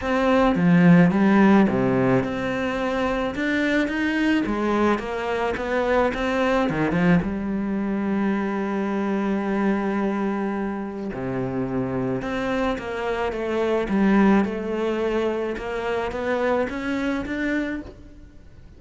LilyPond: \new Staff \with { instrumentName = "cello" } { \time 4/4 \tempo 4 = 108 c'4 f4 g4 c4 | c'2 d'4 dis'4 | gis4 ais4 b4 c'4 | dis8 f8 g2.~ |
g1 | c2 c'4 ais4 | a4 g4 a2 | ais4 b4 cis'4 d'4 | }